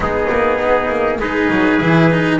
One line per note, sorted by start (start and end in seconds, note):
0.00 0.27 G#3
0.00 1.18 B3
0.00 1.19 D#4
0.00 1.20 G#4
0.29 0.59 A#3
0.60 0.89 B3
0.89 1.18 A#3
1.18 1.48 G#3
1.18 1.80 D#4
1.18 2.39 G#4
1.18 2.40 B4
1.50 1.80 F#3
1.80 2.40 E3
1.80 2.10 E4
2.10 2.40 D#4